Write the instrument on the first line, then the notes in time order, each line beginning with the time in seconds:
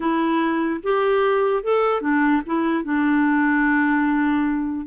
clarinet
0.00 E4
0.83 G4
1.63 A4
2.01 D4
2.46 E4
2.84 D4